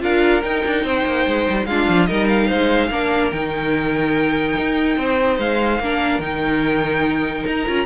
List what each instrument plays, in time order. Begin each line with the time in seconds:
0.00 cello D4, viola F4, violin A#4 F5
0.42 viola D#4, cello D#4, violin G5
0.66 cello D4
0.84 cello C4, violin C5
1.06 cello A#3
1.27 cello G#3
1.49 cello G3
1.66 cello G#3, viola D4, violin F4 F5
1.89 cello F3
2.06 cello G3, viola D#4, violin A#4 D#5
2.28 violin F5
2.47 cello G#3, violin C5
2.90 cello A#3, viola D4, violin A#4
3.31 cello D#3, viola D#4, violin G5
4.58 cello D#4
4.97 cello C4, violin C5
5.38 cello G#3, violin F5
5.80 cello A#3, viola D4, violin A#4
6.19 cello D#3, viola D#4, violin G5
7.46 cello D#4, violin A#5
7.66 cello C#4, viola F4